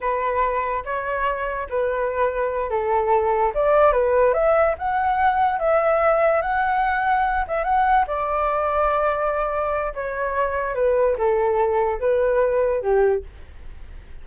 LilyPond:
\new Staff \with { instrumentName = "flute" } { \time 4/4 \tempo 4 = 145 b'2 cis''2 | b'2~ b'8 a'4.~ | a'8 d''4 b'4 e''4 fis''8~ | fis''4. e''2 fis''8~ |
fis''2 e''8 fis''4 d''8~ | d''1 | cis''2 b'4 a'4~ | a'4 b'2 g'4 | }